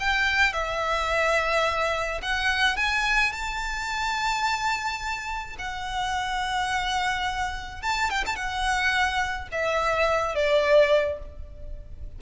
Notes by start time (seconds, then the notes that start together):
0.00 G5
0.53 E5
2.23 F#5
2.77 G#5
3.32 A5
5.59 F#5
7.82 A5
8.10 G5
8.26 A5
8.36 F#5
9.52 E5
10.35 D5